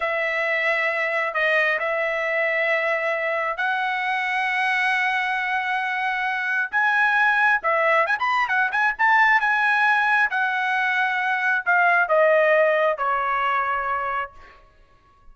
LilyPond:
\new Staff \with { instrumentName = "trumpet" } { \time 4/4 \tempo 4 = 134 e''2. dis''4 | e''1 | fis''1~ | fis''2. gis''4~ |
gis''4 e''4 gis''16 b''8. fis''8 gis''8 | a''4 gis''2 fis''4~ | fis''2 f''4 dis''4~ | dis''4 cis''2. | }